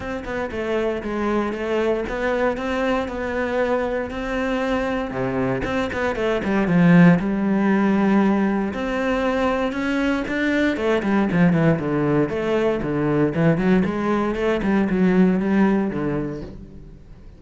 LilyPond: \new Staff \with { instrumentName = "cello" } { \time 4/4 \tempo 4 = 117 c'8 b8 a4 gis4 a4 | b4 c'4 b2 | c'2 c4 c'8 b8 | a8 g8 f4 g2~ |
g4 c'2 cis'4 | d'4 a8 g8 f8 e8 d4 | a4 d4 e8 fis8 gis4 | a8 g8 fis4 g4 d4 | }